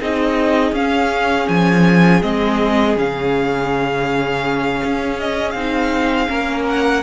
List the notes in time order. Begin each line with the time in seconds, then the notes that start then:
0.00 C4 D#4 G#4 D#5
0.73 C#4 F5
1.49 F3 G#5
2.22 G#3 C4 D#5
2.97 C#3 C#4 F5
4.84 C#4
5.20 D#5
5.51 C4 F5
5.57 D#4
6.28 A#3 C#4 A#4
6.68 F#5